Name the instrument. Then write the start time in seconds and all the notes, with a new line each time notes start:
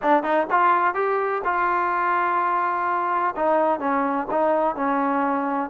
trombone
0.02 D4
0.23 D#4
0.50 F4
0.94 G4
1.44 F4
3.36 D#4
3.79 C#4
4.30 D#4
4.75 C#4